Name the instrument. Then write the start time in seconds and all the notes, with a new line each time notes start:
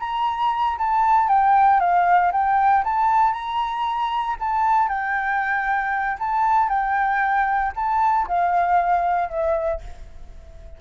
flute
0.00 A#5
0.79 A5
1.29 G5
1.80 F5
2.32 G5
2.84 A5
3.33 A#5
4.40 A5
4.89 G5
6.20 A5
6.69 G5
7.76 A5
8.28 F5
9.29 E5